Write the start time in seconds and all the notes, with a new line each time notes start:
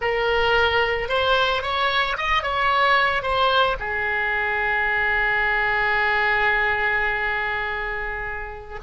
0.01 A#4
1.09 C5
1.62 C#5
2.17 D#5
2.43 C#5
3.22 C5
3.79 G#4